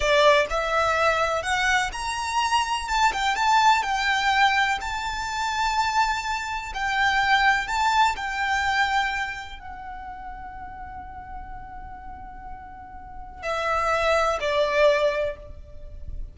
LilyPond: \new Staff \with { instrumentName = "violin" } { \time 4/4 \tempo 4 = 125 d''4 e''2 fis''4 | ais''2 a''8 g''8 a''4 | g''2 a''2~ | a''2 g''2 |
a''4 g''2. | fis''1~ | fis''1 | e''2 d''2 | }